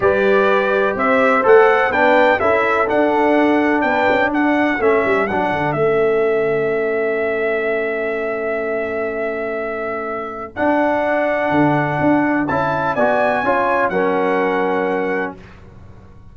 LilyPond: <<
  \new Staff \with { instrumentName = "trumpet" } { \time 4/4 \tempo 4 = 125 d''2 e''4 fis''4 | g''4 e''4 fis''2 | g''4 fis''4 e''4 fis''4 | e''1~ |
e''1~ | e''2 fis''2~ | fis''2 a''4 gis''4~ | gis''4 fis''2. | }
  \new Staff \with { instrumentName = "horn" } { \time 4/4 b'2 c''2 | b'4 a'2. | b'4 a'2.~ | a'1~ |
a'1~ | a'1~ | a'2. d''4 | cis''4 ais'2. | }
  \new Staff \with { instrumentName = "trombone" } { \time 4/4 g'2. a'4 | d'4 e'4 d'2~ | d'2 cis'4 d'4 | cis'1~ |
cis'1~ | cis'2 d'2~ | d'2 e'4 fis'4 | f'4 cis'2. | }
  \new Staff \with { instrumentName = "tuba" } { \time 4/4 g2 c'4 a4 | b4 cis'4 d'2 | b8 cis'8 d'4 a8 g8 fis8 d8 | a1~ |
a1~ | a2 d'2 | d4 d'4 cis'4 b4 | cis'4 fis2. | }
>>